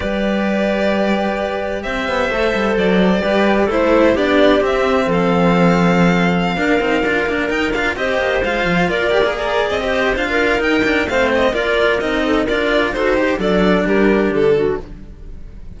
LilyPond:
<<
  \new Staff \with { instrumentName = "violin" } { \time 4/4 \tempo 4 = 130 d''1 | e''2 d''2 | c''4 d''4 e''4 f''4~ | f''1~ |
f''16 g''8 f''8 dis''4 f''4 d''8.~ | d''16 ais'8. dis''4 f''4 g''4 | f''8 dis''8 d''4 dis''4 d''4 | c''4 d''4 ais'4 a'4 | }
  \new Staff \with { instrumentName = "clarinet" } { \time 4/4 b'1 | c''2. b'4 | a'4 g'2 a'4~ | a'2~ a'16 ais'4.~ ais'16~ |
ais'4~ ais'16 c''2 ais'8.~ | ais'16 d''4 c''4 ais'4.~ ais'16 | c''4 ais'4. a'8 ais'4 | a'8 g'8 a'4 g'4. fis'8 | }
  \new Staff \with { instrumentName = "cello" } { \time 4/4 g'1~ | g'4 a'2 g'4 | e'4 d'4 c'2~ | c'2~ c'16 d'8 dis'8 f'8 d'16~ |
d'16 dis'8 f'8 g'4 f'4. g'16 | gis'4~ gis'16 g'8. f'4 dis'8 d'8 | c'4 f'4 dis'4 f'4 | fis'8 g'8 d'2. | }
  \new Staff \with { instrumentName = "cello" } { \time 4/4 g1 | c'8 b8 a8 g8 fis4 g4 | a4 b4 c'4 f4~ | f2~ f16 ais8 c'8 d'8 ais16~ |
ais16 dis'8 d'8 c'8 ais8 gis8 f8 ais8.~ | ais4 c'4 d'4 dis'4 | a4 ais4 c'4 d'4 | dis'4 fis4 g4 d4 | }
>>